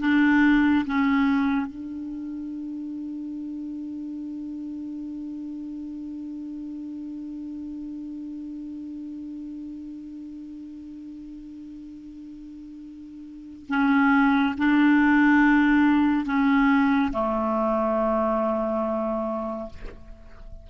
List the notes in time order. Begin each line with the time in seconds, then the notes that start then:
0.00 D4
0.86 C#4
1.67 D4
13.69 C#4
14.58 D4
16.26 C#4
17.12 A3